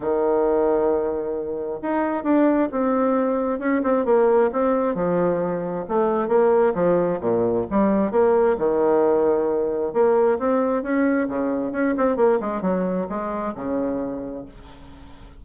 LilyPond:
\new Staff \with { instrumentName = "bassoon" } { \time 4/4 \tempo 4 = 133 dis1 | dis'4 d'4 c'2 | cis'8 c'8 ais4 c'4 f4~ | f4 a4 ais4 f4 |
ais,4 g4 ais4 dis4~ | dis2 ais4 c'4 | cis'4 cis4 cis'8 c'8 ais8 gis8 | fis4 gis4 cis2 | }